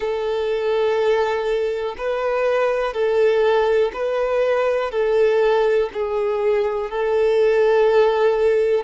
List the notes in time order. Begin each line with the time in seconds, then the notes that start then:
0.00 A4
1.97 B4
2.93 A4
3.93 B4
4.91 A4
5.93 G#4
6.90 A4